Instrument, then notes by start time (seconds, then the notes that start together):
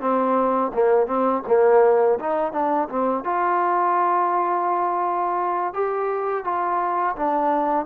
trombone
0.00 C4
0.73 A#3
1.07 C4
1.47 A#3
2.19 D#4
2.52 D4
2.89 C4
3.24 F4
5.73 G4
6.44 F4
7.16 D4